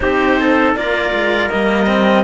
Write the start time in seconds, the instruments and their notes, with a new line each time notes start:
0.00 cello C4 D#4, trumpet G4, clarinet C5
0.40 trumpet A4
0.74 cello A#3 F4, trumpet A#4, clarinet D5
1.13 cello G#3
1.49 cello G3 A#3, clarinet D#5
1.86 cello C4